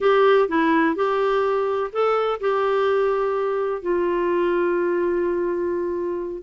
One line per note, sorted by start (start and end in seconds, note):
0.00 0.48 G4
0.48 0.95 E4
0.95 1.90 G4
1.92 2.40 A4
2.40 3.82 G4
3.82 6.42 F4